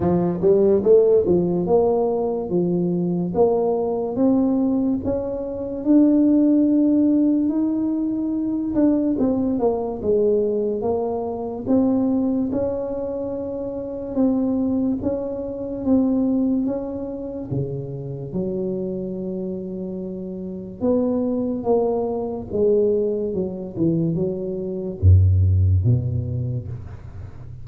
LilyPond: \new Staff \with { instrumentName = "tuba" } { \time 4/4 \tempo 4 = 72 f8 g8 a8 f8 ais4 f4 | ais4 c'4 cis'4 d'4~ | d'4 dis'4. d'8 c'8 ais8 | gis4 ais4 c'4 cis'4~ |
cis'4 c'4 cis'4 c'4 | cis'4 cis4 fis2~ | fis4 b4 ais4 gis4 | fis8 e8 fis4 fis,4 b,4 | }